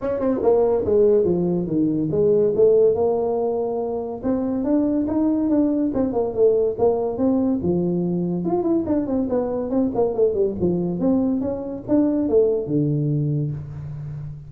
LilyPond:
\new Staff \with { instrumentName = "tuba" } { \time 4/4 \tempo 4 = 142 cis'8 c'8 ais4 gis4 f4 | dis4 gis4 a4 ais4~ | ais2 c'4 d'4 | dis'4 d'4 c'8 ais8 a4 |
ais4 c'4 f2 | f'8 e'8 d'8 c'8 b4 c'8 ais8 | a8 g8 f4 c'4 cis'4 | d'4 a4 d2 | }